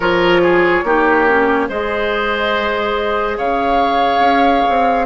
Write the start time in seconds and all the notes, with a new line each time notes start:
0.00 F3 F4 A#4 C#5
0.42 G#4
0.83 A#3 D#4 G4
1.27 C#4
1.68 G#3 G#4 C5 D#5
3.37 C#3 C#5 F5
4.19 C#4
4.69 C4